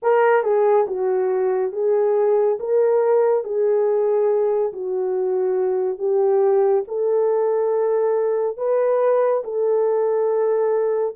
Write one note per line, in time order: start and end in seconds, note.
0.02 0.43 A#4
0.43 0.86 G#4
0.87 1.72 F#4
1.72 2.58 G#4
2.59 3.44 A#4
3.44 4.72 G#4
4.73 5.98 F#4
5.98 6.84 G4
6.87 8.57 A4
8.57 9.42 B4
9.44 11.15 A4